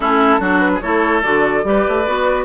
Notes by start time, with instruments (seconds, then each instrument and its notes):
0.00 bassoon A3, clarinet C#4, oboe E4, flute A4
0.39 bassoon F#3, clarinet D4, oboe F#4
0.59 flute B4
0.74 oboe G#4
0.80 bassoon A3, clarinet E4, oboe A4, flute C#5
1.22 bassoon D3, clarinet F#4, flute D5
1.63 bassoon G3, clarinet G4, oboe B4
1.88 bassoon A3
2.06 bassoon B3, clarinet F#4